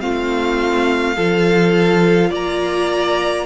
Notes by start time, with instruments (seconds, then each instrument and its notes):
0.00 cello A3, viola C4, violin F4 F5
1.15 cello F3, viola F4, violin A4
2.30 cello A#3, violin D5 A#5